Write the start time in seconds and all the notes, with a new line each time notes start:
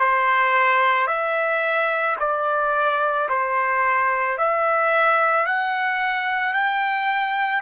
0.00 C5
1.07 E5
2.20 D5
3.29 C5
4.38 E5
5.46 F#5
6.54 G5